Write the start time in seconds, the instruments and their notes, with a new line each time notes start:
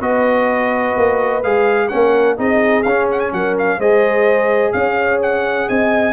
0.00 tuba B3, trombone F#4, horn B4, trumpet D#5
0.97 tuba A#3
1.44 tuba G#3, trombone G#4, trumpet F5
1.89 tuba A#3, trombone C#4, horn A#4, trumpet F#5
2.37 tuba C4, trombone D#4, horn G#4, trumpet D#5
2.83 tuba C#4, trombone C#4, trumpet F5
3.11 trumpet F#5
3.20 trumpet G#5
3.32 tuba F#3, horn A#4, trumpet F#5
3.59 trumpet F5
3.78 tuba G#3, trombone G#4, horn C5, trumpet D#5
4.73 tuba C#4, horn C#5, trumpet F5
5.22 trumpet F#5
5.69 tuba C4, horn D#5, trumpet G#5